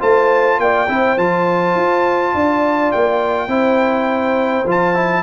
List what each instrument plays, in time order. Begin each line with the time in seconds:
0.00 tuba A3, trombone F4, horn C5, trumpet A5
0.58 tuba A#3, horn D5, trumpet G5
0.89 tuba C4, trombone E4, horn C5
1.17 tuba F3, trombone F4, trumpet A5
1.75 tuba F4
2.34 tuba D4, horn D5
2.92 tuba A#3, trumpet G5
3.48 tuba C4, trombone E4, horn C5
4.65 tuba F3, trombone F4, trumpet A5
4.94 trombone E4